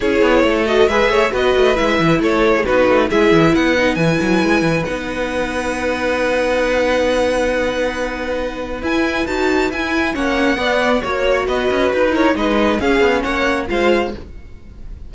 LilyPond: <<
  \new Staff \with { instrumentName = "violin" } { \time 4/4 \tempo 4 = 136 cis''4. dis''8 e''4 dis''4 | e''4 cis''4 b'4 e''4 | fis''4 gis''2 fis''4~ | fis''1~ |
fis''1 | gis''4 a''4 gis''4 fis''4~ | fis''4 cis''4 dis''4 b'8 cis''8 | dis''4 f''4 fis''4 f''4 | }
  \new Staff \with { instrumentName = "violin" } { \time 4/4 gis'4 a'4 b'8 cis''8 b'4~ | b'4 a'8. gis'16 fis'4 gis'4 | b'1~ | b'1~ |
b'1~ | b'2. cis''4 | d''4 cis''4 b'4. ais'8 | b'4 gis'4 cis''4 c''4 | }
  \new Staff \with { instrumentName = "viola" } { \time 4/4 e'4. fis'8 gis'4 fis'4 | e'2 dis'4 e'4~ | e'8 dis'8 e'2 dis'4~ | dis'1~ |
dis'1 | e'4 fis'4 e'4 cis'4 | b4 fis'2~ fis'8 e'8 | dis'4 cis'2 f'4 | }
  \new Staff \with { instrumentName = "cello" } { \time 4/4 cis'8 b8 a4 gis8 a8 b8 a8 | gis8 e8 a4 b8 a8 gis8 e8 | b4 e8 fis8 gis8 e8 b4~ | b1~ |
b1 | e'4 dis'4 e'4 ais4 | b4 ais4 b8 cis'8 dis'4 | gis4 cis'8 b8 ais4 gis4 | }
>>